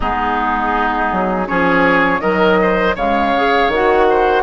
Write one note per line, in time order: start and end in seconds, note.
0.00 1.11 G#3
0.00 1.46 B3
0.00 1.48 D#4
0.00 1.47 G#4
1.11 1.48 F#3
1.46 2.19 F3
1.46 2.20 C#4
1.46 2.21 G#4
1.46 2.20 C#5
2.19 2.93 D#3
2.19 2.96 F#3
2.19 2.58 A#4
2.19 2.94 D#5
2.61 2.95 C5
2.95 3.68 C#3
2.95 3.34 G#3
2.95 4.06 C#5
2.95 3.71 F5
3.35 3.72 G#4
3.68 4.42 D#3
3.68 4.42 F#4
3.74 4.42 F#5
4.09 4.42 C5